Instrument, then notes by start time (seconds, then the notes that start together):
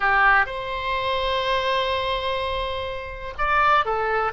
oboe
0.00 G4
0.46 C5
3.37 D5
3.85 A4